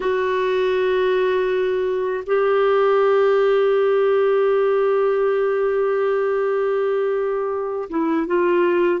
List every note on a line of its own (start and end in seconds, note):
0.00 2.24 F#4
2.26 7.89 G4
7.89 8.26 E4
8.26 9.00 F4